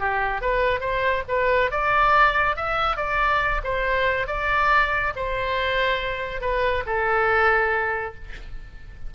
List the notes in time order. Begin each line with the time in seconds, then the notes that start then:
0.00 G4
0.42 B4
0.81 C5
1.28 B4
1.71 D5
2.57 E5
2.97 D5
3.64 C5
4.27 D5
5.16 C5
6.41 B4
6.86 A4